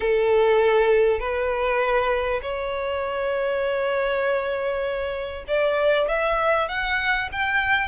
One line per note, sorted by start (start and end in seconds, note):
0.00 1.19 A4
1.19 2.40 B4
2.41 5.44 C#5
5.47 6.08 D5
6.08 6.68 E5
6.68 7.29 F#5
7.32 7.88 G5